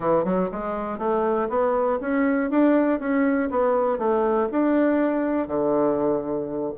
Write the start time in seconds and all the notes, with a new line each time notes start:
0.00 E3
0.24 F#3
0.51 G#3
0.98 A3
1.49 B3
2.00 C#4
2.50 D4
2.99 C#4
3.50 B3
3.98 A3
4.51 D4
5.47 D3